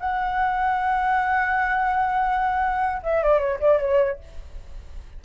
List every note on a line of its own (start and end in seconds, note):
0.00 3.02 F#5
3.03 3.23 E5
3.23 3.40 D5
3.40 3.60 C#5
3.60 3.79 D5
3.79 4.20 C#5